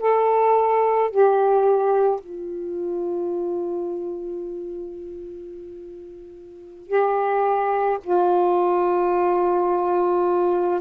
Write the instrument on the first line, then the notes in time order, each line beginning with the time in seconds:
saxophone
0.00 A4
1.11 G4
2.21 F4
6.88 G4
8.04 F4